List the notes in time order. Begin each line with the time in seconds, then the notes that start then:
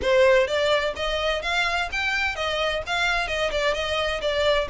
0.01 C5
0.47 D5
0.96 D#5
1.42 F5
1.92 G5
2.35 D#5
2.86 F5
3.27 D#5
3.51 D5
3.74 D#5
4.21 D5